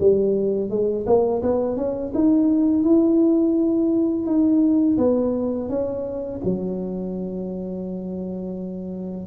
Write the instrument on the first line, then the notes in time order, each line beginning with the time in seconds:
tuba
0.00 G3
0.70 G#3
1.06 A#3
1.43 B3
1.77 C#4
2.15 D#4
2.84 E4
4.26 D#4
4.98 B3
5.69 C#4
6.44 F#3